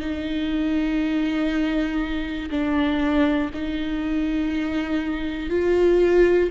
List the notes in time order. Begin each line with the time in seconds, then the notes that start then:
0.00 D#4
2.51 D4
3.54 D#4
5.50 F4